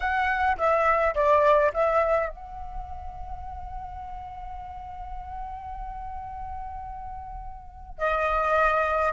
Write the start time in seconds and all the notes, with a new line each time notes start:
0.00 F#5
0.57 E5
1.14 D5
1.73 E5
2.29 F#5
7.98 D#5